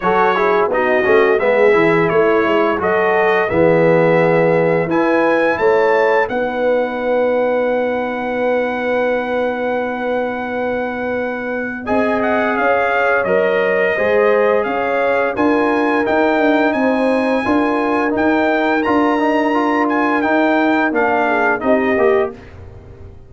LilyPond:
<<
  \new Staff \with { instrumentName = "trumpet" } { \time 4/4 \tempo 4 = 86 cis''4 dis''4 e''4 cis''4 | dis''4 e''2 gis''4 | a''4 fis''2.~ | fis''1~ |
fis''4 gis''8 fis''8 f''4 dis''4~ | dis''4 f''4 gis''4 g''4 | gis''2 g''4 ais''4~ | ais''8 gis''8 g''4 f''4 dis''4 | }
  \new Staff \with { instrumentName = "horn" } { \time 4/4 a'8 gis'8 fis'4 gis'4 e'4 | a'4 gis'2 b'4 | cis''4 b'2.~ | b'1~ |
b'4 dis''4 cis''2 | c''4 cis''4 ais'2 | c''4 ais'2.~ | ais'2~ ais'8 gis'8 g'4 | }
  \new Staff \with { instrumentName = "trombone" } { \time 4/4 fis'8 e'8 dis'8 cis'8 b8 e'4. | fis'4 b2 e'4~ | e'4 dis'2.~ | dis'1~ |
dis'4 gis'2 ais'4 | gis'2 f'4 dis'4~ | dis'4 f'4 dis'4 f'8 dis'8 | f'4 dis'4 d'4 dis'8 g'8 | }
  \new Staff \with { instrumentName = "tuba" } { \time 4/4 fis4 b8 a8 gis8 e8 a8 gis8 | fis4 e2 e'4 | a4 b2.~ | b1~ |
b4 c'4 cis'4 fis4 | gis4 cis'4 d'4 dis'8 d'8 | c'4 d'4 dis'4 d'4~ | d'4 dis'4 ais4 c'8 ais8 | }
>>